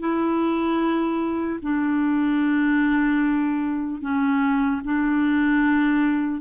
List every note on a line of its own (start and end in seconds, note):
0.00 1.60 E4
1.63 4.02 D4
4.02 4.82 C#4
4.85 6.41 D4